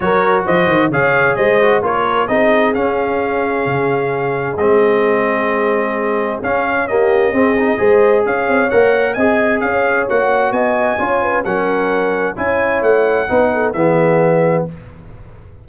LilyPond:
<<
  \new Staff \with { instrumentName = "trumpet" } { \time 4/4 \tempo 4 = 131 cis''4 dis''4 f''4 dis''4 | cis''4 dis''4 f''2~ | f''2 dis''2~ | dis''2 f''4 dis''4~ |
dis''2 f''4 fis''4 | gis''4 f''4 fis''4 gis''4~ | gis''4 fis''2 gis''4 | fis''2 e''2 | }
  \new Staff \with { instrumentName = "horn" } { \time 4/4 ais'4 c''4 cis''4 c''4 | ais'4 gis'2.~ | gis'1~ | gis'2. g'4 |
gis'4 c''4 cis''2 | dis''4 cis''2 dis''4 | cis''8 b'8 ais'2 cis''4~ | cis''4 b'8 a'8 gis'2 | }
  \new Staff \with { instrumentName = "trombone" } { \time 4/4 fis'2 gis'4. fis'8 | f'4 dis'4 cis'2~ | cis'2 c'2~ | c'2 cis'4 ais4 |
c'8 dis'8 gis'2 ais'4 | gis'2 fis'2 | f'4 cis'2 e'4~ | e'4 dis'4 b2 | }
  \new Staff \with { instrumentName = "tuba" } { \time 4/4 fis4 f8 dis8 cis4 gis4 | ais4 c'4 cis'2 | cis2 gis2~ | gis2 cis'2 |
c'4 gis4 cis'8 c'8 ais4 | c'4 cis'4 ais4 b4 | cis'4 fis2 cis'4 | a4 b4 e2 | }
>>